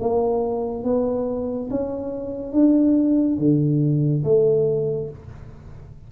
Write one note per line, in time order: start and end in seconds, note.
0.00 0.84 A#3
0.84 1.69 B3
1.71 2.52 C#4
2.52 3.38 D4
3.38 4.24 D3
4.24 5.10 A3